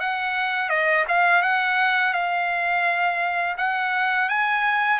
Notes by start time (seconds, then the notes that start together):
0.00 F#5
0.69 D#5
1.08 F5
1.43 F#5
2.13 F5
3.57 F#5
4.29 G#5